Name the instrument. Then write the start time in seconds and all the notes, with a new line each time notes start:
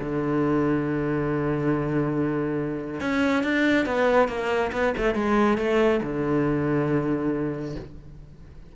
cello
0.00 D3
3.01 C#4
3.44 D4
3.86 B3
4.29 A#3
4.73 B3
4.98 A3
5.15 G#3
5.58 A3
6.03 D3